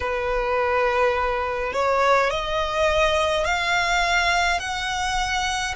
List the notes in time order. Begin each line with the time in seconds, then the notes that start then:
0.00 B4
1.73 C#5
2.30 D#5
3.44 F5
4.59 F#5